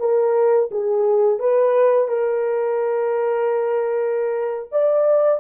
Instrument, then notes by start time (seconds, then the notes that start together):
horn
0.00 A#4
0.72 G#4
1.40 B4
2.08 A#4
4.72 D5